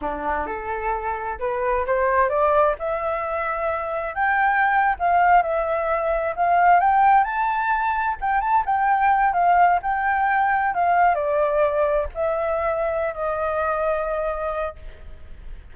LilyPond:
\new Staff \with { instrumentName = "flute" } { \time 4/4 \tempo 4 = 130 d'4 a'2 b'4 | c''4 d''4 e''2~ | e''4 g''4.~ g''16 f''4 e''16~ | e''4.~ e''16 f''4 g''4 a''16~ |
a''4.~ a''16 g''8 a''8 g''4~ g''16~ | g''16 f''4 g''2 f''8.~ | f''16 d''2 e''4.~ e''16~ | e''8 dis''2.~ dis''8 | }